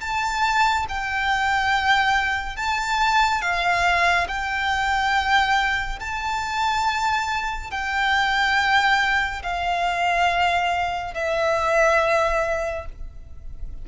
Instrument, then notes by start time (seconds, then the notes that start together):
violin
0.00 A5
0.88 G5
2.56 A5
3.41 F5
4.28 G5
5.99 A5
7.71 G5
9.42 F5
11.14 E5